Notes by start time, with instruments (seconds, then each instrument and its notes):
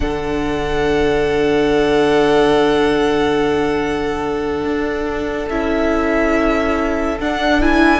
0.00 cello D3, viola D4, violin A4 F#5
4.64 cello D4
5.49 cello C#4, viola E4, violin E5
7.20 viola D4, cello D4, violin F#5
7.61 viola E4, violin G#5